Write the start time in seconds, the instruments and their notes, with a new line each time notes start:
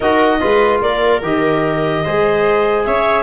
0.00 tuba D#4, trombone F#4, viola A#4, clarinet D#5
0.40 tuba G#3, trombone F4, viola B4
0.81 tuba A#3, viola A#4, clarinet D5
1.22 tuba D#3, trombone G4, clarinet D#5
2.03 tuba G#3, trombone G#4, viola C5
2.84 tuba C#4, viola C#5, clarinet E5